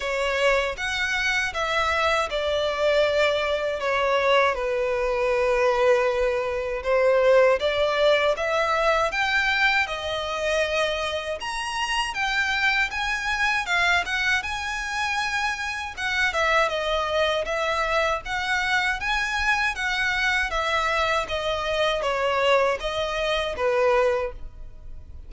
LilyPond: \new Staff \with { instrumentName = "violin" } { \time 4/4 \tempo 4 = 79 cis''4 fis''4 e''4 d''4~ | d''4 cis''4 b'2~ | b'4 c''4 d''4 e''4 | g''4 dis''2 ais''4 |
g''4 gis''4 f''8 fis''8 gis''4~ | gis''4 fis''8 e''8 dis''4 e''4 | fis''4 gis''4 fis''4 e''4 | dis''4 cis''4 dis''4 b'4 | }